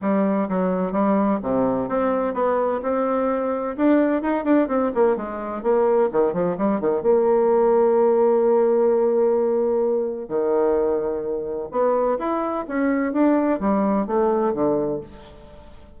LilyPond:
\new Staff \with { instrumentName = "bassoon" } { \time 4/4 \tempo 4 = 128 g4 fis4 g4 c4 | c'4 b4 c'2 | d'4 dis'8 d'8 c'8 ais8 gis4 | ais4 dis8 f8 g8 dis8 ais4~ |
ais1~ | ais2 dis2~ | dis4 b4 e'4 cis'4 | d'4 g4 a4 d4 | }